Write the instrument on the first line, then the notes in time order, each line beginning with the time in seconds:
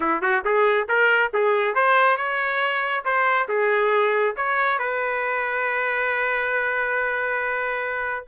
trumpet
0.00 E4
0.21 F#4
0.44 G#4
0.88 A#4
1.33 G#4
1.74 C5
2.17 C#5
3.04 C5
3.48 G#4
4.36 C#5
4.78 B4